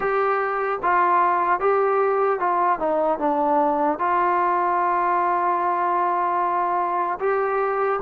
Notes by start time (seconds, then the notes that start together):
0.00 G4
0.82 F4
1.60 G4
2.39 F4
2.79 D#4
3.19 D4
3.98 F4
7.19 G4